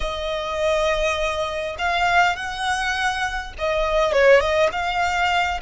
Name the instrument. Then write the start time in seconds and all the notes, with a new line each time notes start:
violin
0.00 D#5
1.78 F5
2.36 F#5
3.58 D#5
4.12 C#5
4.40 D#5
4.72 F5